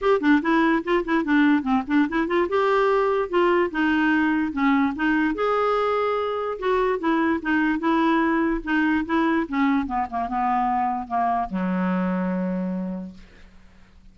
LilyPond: \new Staff \with { instrumentName = "clarinet" } { \time 4/4 \tempo 4 = 146 g'8 d'8 e'4 f'8 e'8 d'4 | c'8 d'8 e'8 f'8 g'2 | f'4 dis'2 cis'4 | dis'4 gis'2. |
fis'4 e'4 dis'4 e'4~ | e'4 dis'4 e'4 cis'4 | b8 ais8 b2 ais4 | fis1 | }